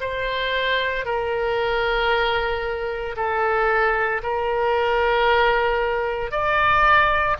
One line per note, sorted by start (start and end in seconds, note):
0.00 1.05 C5
1.05 3.15 A#4
3.16 4.22 A4
4.22 6.31 A#4
6.31 7.36 D5